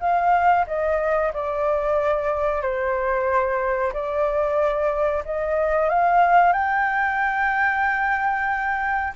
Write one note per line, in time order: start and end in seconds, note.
0.00 0.65 F5
0.67 1.32 D#5
1.33 2.62 D5
2.62 3.92 C5
3.93 5.24 D5
5.25 5.89 D#5
5.89 6.52 F5
6.52 9.13 G5